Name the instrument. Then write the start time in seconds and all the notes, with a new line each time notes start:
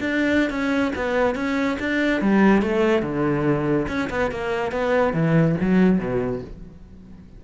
cello
0.00 D4
0.50 C#4
0.96 B3
1.36 C#4
1.80 D4
2.21 G3
2.62 A3
3.03 D3
3.88 C#4
4.10 B3
4.31 A#3
4.72 B3
5.14 E3
5.61 F#3
5.99 B2